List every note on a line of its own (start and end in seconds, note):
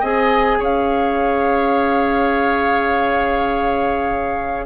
0.00 0.60 C4
0.00 4.66 G#4
0.00 0.58 D#5
0.00 0.62 G#5
0.59 4.66 C#4
0.59 4.66 C#5
0.59 4.66 F5